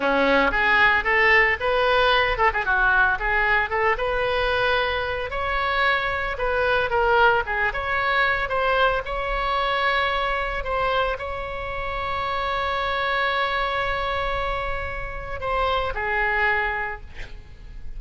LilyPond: \new Staff \with { instrumentName = "oboe" } { \time 4/4 \tempo 4 = 113 cis'4 gis'4 a'4 b'4~ | b'8 a'16 gis'16 fis'4 gis'4 a'8 b'8~ | b'2 cis''2 | b'4 ais'4 gis'8 cis''4. |
c''4 cis''2. | c''4 cis''2.~ | cis''1~ | cis''4 c''4 gis'2 | }